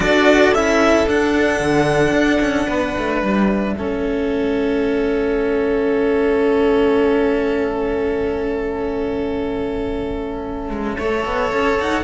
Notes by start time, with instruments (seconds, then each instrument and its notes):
0.00 cello D4 F#4, violin A4 D5
0.53 cello C#4 E4, violin E5
1.06 cello D4, violin F#5
1.59 cello D3
2.12 cello D4
2.40 cello C#4
2.67 cello B3, violin B4
2.98 cello A3
3.21 cello G3, violin E5
3.75 cello A3 C#4, violin A4
10.70 cello G#3
10.97 cello A3 A4, violin C#5
11.25 cello B3
11.52 cello C#4
11.80 cello D#4, violin F#5